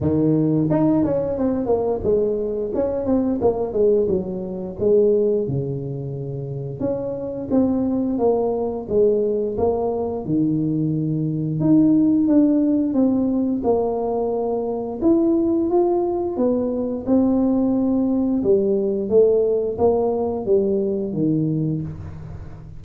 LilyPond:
\new Staff \with { instrumentName = "tuba" } { \time 4/4 \tempo 4 = 88 dis4 dis'8 cis'8 c'8 ais8 gis4 | cis'8 c'8 ais8 gis8 fis4 gis4 | cis2 cis'4 c'4 | ais4 gis4 ais4 dis4~ |
dis4 dis'4 d'4 c'4 | ais2 e'4 f'4 | b4 c'2 g4 | a4 ais4 g4 dis4 | }